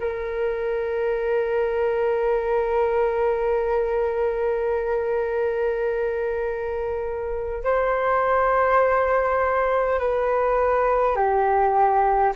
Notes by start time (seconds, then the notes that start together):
0.00 A#4
7.64 C5
9.99 B4
11.16 G4